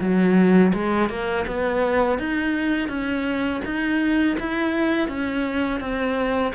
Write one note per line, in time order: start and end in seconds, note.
0.00 0.72 F#3
0.73 1.09 G#3
1.09 1.45 A#3
1.47 2.18 B3
2.18 2.88 D#4
2.88 3.61 C#4
3.64 4.37 D#4
4.39 5.08 E4
5.08 5.80 C#4
5.80 6.52 C4